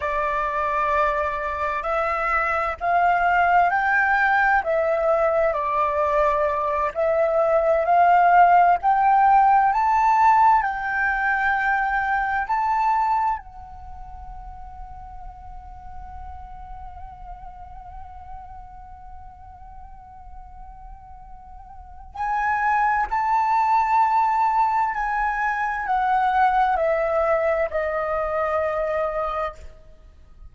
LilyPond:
\new Staff \with { instrumentName = "flute" } { \time 4/4 \tempo 4 = 65 d''2 e''4 f''4 | g''4 e''4 d''4. e''8~ | e''8 f''4 g''4 a''4 g''8~ | g''4. a''4 fis''4.~ |
fis''1~ | fis''1 | gis''4 a''2 gis''4 | fis''4 e''4 dis''2 | }